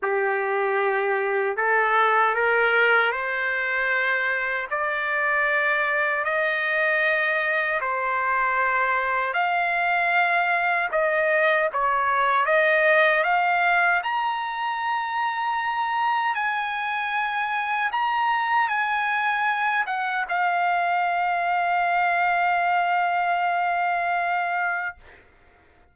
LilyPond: \new Staff \with { instrumentName = "trumpet" } { \time 4/4 \tempo 4 = 77 g'2 a'4 ais'4 | c''2 d''2 | dis''2 c''2 | f''2 dis''4 cis''4 |
dis''4 f''4 ais''2~ | ais''4 gis''2 ais''4 | gis''4. fis''8 f''2~ | f''1 | }